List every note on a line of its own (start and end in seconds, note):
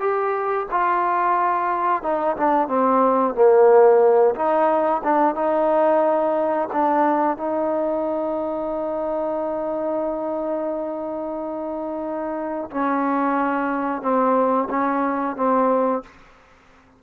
0.00 0.67 G4
0.72 2.03 F4
2.03 2.36 D#4
2.37 2.68 D4
2.68 3.35 C4
3.35 4.35 A#3
4.35 5.02 D#4
5.04 5.35 D4
5.35 6.69 D#4
6.73 7.37 D4
7.37 12.71 D#4
12.71 14.02 C#4
14.02 14.68 C4
14.70 15.36 C#4
15.36 16.03 C4